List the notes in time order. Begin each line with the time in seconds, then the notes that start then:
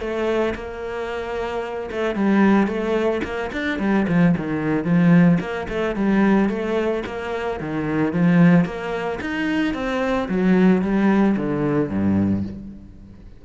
0.00 A3
0.55 A#3
1.91 A3
2.15 G3
2.67 A3
3.24 A#3
3.53 D4
3.79 G3
4.08 F3
4.37 D#3
4.85 F3
5.40 A#3
5.69 A3
5.96 G3
6.49 A3
7.06 A#3
7.60 D#3
8.13 F3
8.65 A#3
9.21 D#4
9.74 C4
10.28 F#3
10.82 G3
11.37 D3
11.90 G2